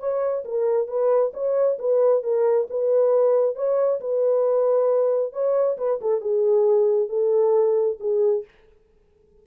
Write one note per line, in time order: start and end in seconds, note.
0.00 0.44 C#5
0.45 0.88 A#4
0.88 1.33 B4
1.34 1.78 C#5
1.79 2.24 B4
2.24 2.68 A#4
2.70 3.56 B4
3.56 4.01 C#5
4.01 5.33 B4
5.33 5.78 C#5
5.78 6.00 B4
6.02 6.21 A4
6.21 7.09 G#4
7.09 7.98 A4
8.00 8.45 G#4